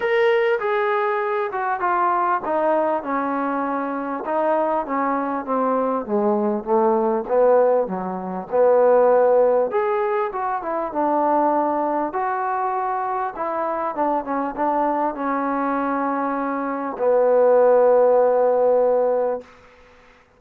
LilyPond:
\new Staff \with { instrumentName = "trombone" } { \time 4/4 \tempo 4 = 99 ais'4 gis'4. fis'8 f'4 | dis'4 cis'2 dis'4 | cis'4 c'4 gis4 a4 | b4 fis4 b2 |
gis'4 fis'8 e'8 d'2 | fis'2 e'4 d'8 cis'8 | d'4 cis'2. | b1 | }